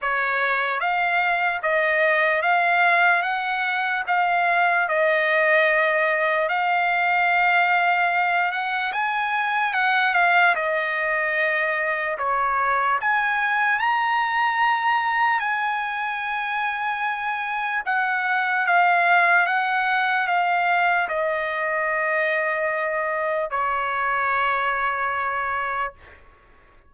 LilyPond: \new Staff \with { instrumentName = "trumpet" } { \time 4/4 \tempo 4 = 74 cis''4 f''4 dis''4 f''4 | fis''4 f''4 dis''2 | f''2~ f''8 fis''8 gis''4 | fis''8 f''8 dis''2 cis''4 |
gis''4 ais''2 gis''4~ | gis''2 fis''4 f''4 | fis''4 f''4 dis''2~ | dis''4 cis''2. | }